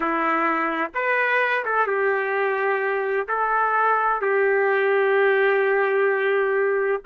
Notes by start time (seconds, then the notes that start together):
0.00 E4
0.94 B4
1.65 A4
1.86 G4
3.27 A4
4.21 G4